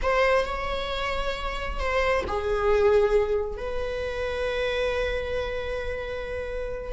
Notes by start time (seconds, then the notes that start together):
0.02 C5
0.45 C#5
1.79 C5
2.27 G#4
3.57 B4